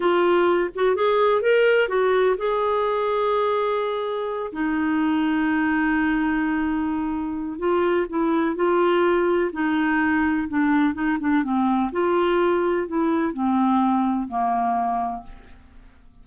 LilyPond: \new Staff \with { instrumentName = "clarinet" } { \time 4/4 \tempo 4 = 126 f'4. fis'8 gis'4 ais'4 | fis'4 gis'2.~ | gis'4. dis'2~ dis'8~ | dis'1 |
f'4 e'4 f'2 | dis'2 d'4 dis'8 d'8 | c'4 f'2 e'4 | c'2 ais2 | }